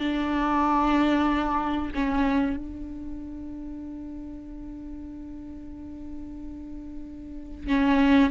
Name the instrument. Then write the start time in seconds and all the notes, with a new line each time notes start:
viola
0.00 D4
1.95 C#4
2.57 D4
7.67 C#4